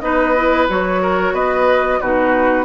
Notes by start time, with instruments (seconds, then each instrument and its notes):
0.00 bassoon B3, clarinet D#4, oboe B4, flute D#5
0.36 clarinet E4
0.69 bassoon F#3, clarinet F#4, flute C#5
1.02 oboe A#4
1.33 bassoon B3, oboe B4, flute D#5
2.01 bassoon B2, clarinet D#4, oboe F#4, flute B4